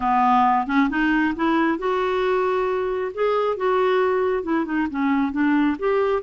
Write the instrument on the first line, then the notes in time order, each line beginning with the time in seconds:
clarinet
0.00 B3
0.66 C#4
0.89 D#4
1.35 E4
1.78 F#4
3.14 G#4
3.56 F#4
4.43 E4
4.65 D#4
4.90 C#4
5.32 D4
5.78 G4